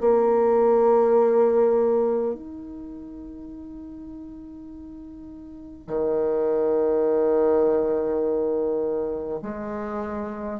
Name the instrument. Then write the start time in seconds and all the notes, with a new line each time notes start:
bassoon
0.00 A#3
2.34 D#4
5.87 D#3
9.42 G#3